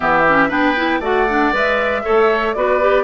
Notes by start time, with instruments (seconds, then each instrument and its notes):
0.00 bassoon E3, clarinet B3, oboe G4, flute E5
0.28 clarinet C#4
0.48 bassoon B3, clarinet D4, oboe B4, flute G5
0.76 clarinet E4
0.99 bassoon A3, clarinet F#4, oboe D5, flute F#5
1.29 clarinet D4
1.52 bassoon G#3, clarinet B4, flute E5
2.03 bassoon A3, clarinet A4, oboe C#5
2.53 bassoon B3, clarinet F#4, oboe B4, flute D5
2.80 clarinet G4